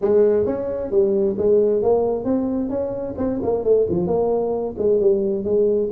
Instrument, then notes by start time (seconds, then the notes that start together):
tuba
0.01 G#3
0.45 C#4
0.90 G3
1.38 G#3
1.82 A#3
2.24 C4
2.69 C#4
3.17 C4
3.42 A#3
3.64 A3
3.89 F3
4.06 A#3
4.78 G#3
5.00 G3
5.44 G#3